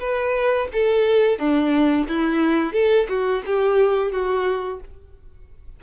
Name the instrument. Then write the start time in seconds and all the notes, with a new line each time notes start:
violin
0.00 B4
0.73 A4
1.39 D4
2.09 E4
2.73 A4
3.09 F#4
3.46 G4
4.12 F#4